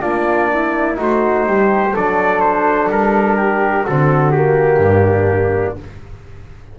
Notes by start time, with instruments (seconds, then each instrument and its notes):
0.00 double bass A#3, trombone D4, flute F4, trumpet D5
0.53 flute E4
0.94 double bass A3, trombone D#4, flute F#4
1.02 trumpet C5
1.46 double bass G3, flute G4
1.94 double bass F#3, trombone D4, flute A4, trumpet D5
2.40 trumpet C5
2.89 double bass G3, trumpet A#4
3.37 flute G4
3.83 double bass D3, trombone C4, flute F#4, trumpet A4
4.31 trombone A#3, trumpet G4
4.77 double bass G2
4.84 flute D4